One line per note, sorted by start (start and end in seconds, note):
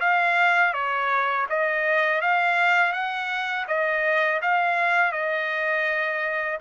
0.00 0.73 F5
0.73 1.46 C#5
1.49 2.21 D#5
2.21 2.92 F5
2.92 3.66 F#5
3.68 4.41 D#5
4.41 5.12 F5
5.12 6.58 D#5